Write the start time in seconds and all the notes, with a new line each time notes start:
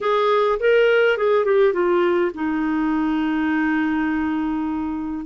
0.00 G#4
0.59 A#4
1.17 G#4
1.44 G4
1.73 F4
2.34 D#4